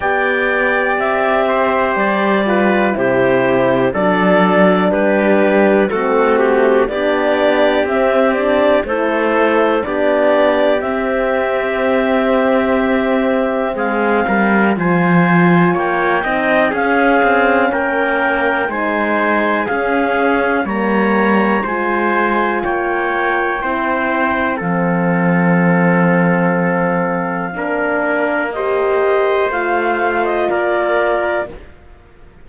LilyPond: <<
  \new Staff \with { instrumentName = "clarinet" } { \time 4/4 \tempo 4 = 61 g''4 e''4 d''4 c''4 | d''4 b'4 a'8 g'8 d''4 | e''8 d''8 c''4 d''4 e''4~ | e''2 f''4 gis''4 |
g''4 f''4 g''4 gis''4 | f''4 ais''4 gis''4 g''4~ | g''4 f''2.~ | f''4 dis''4 f''8. dis''16 d''4 | }
  \new Staff \with { instrumentName = "trumpet" } { \time 4/4 d''4. c''4 b'8 g'4 | a'4 g'4 fis'4 g'4~ | g'4 a'4 g'2~ | g'2 gis'8 ais'8 c''4 |
cis''8 dis''8 gis'4 ais'4 c''4 | gis'4 cis''4 c''4 cis''4 | c''4 a'2. | ais'4 c''2 ais'4 | }
  \new Staff \with { instrumentName = "horn" } { \time 4/4 g'2~ g'8 f'8 e'4 | d'2 c'4 d'4 | c'8 d'8 e'4 d'4 c'4~ | c'2. f'4~ |
f'8 dis'8 cis'2 dis'4 | cis'4 ais4 f'2 | e'4 c'2. | d'4 g'4 f'2 | }
  \new Staff \with { instrumentName = "cello" } { \time 4/4 b4 c'4 g4 c4 | fis4 g4 a4 b4 | c'4 a4 b4 c'4~ | c'2 gis8 g8 f4 |
ais8 c'8 cis'8 c'8 ais4 gis4 | cis'4 g4 gis4 ais4 | c'4 f2. | ais2 a4 ais4 | }
>>